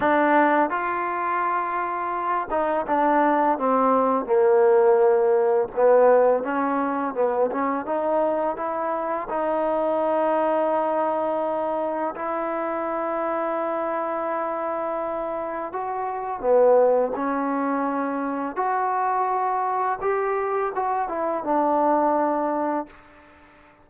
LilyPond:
\new Staff \with { instrumentName = "trombone" } { \time 4/4 \tempo 4 = 84 d'4 f'2~ f'8 dis'8 | d'4 c'4 ais2 | b4 cis'4 b8 cis'8 dis'4 | e'4 dis'2.~ |
dis'4 e'2.~ | e'2 fis'4 b4 | cis'2 fis'2 | g'4 fis'8 e'8 d'2 | }